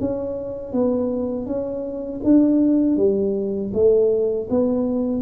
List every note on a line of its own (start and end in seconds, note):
0.00 0.73 C#4
0.73 1.46 B3
1.46 2.21 C#4
2.24 2.97 D4
2.97 3.72 G3
3.74 4.49 A3
4.50 5.22 B3